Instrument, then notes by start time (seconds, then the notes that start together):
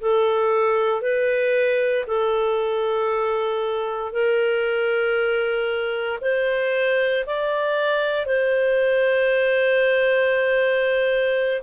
clarinet
0.00 A4
1.01 B4
2.06 A4
4.12 A#4
6.21 C5
7.26 D5
8.26 C5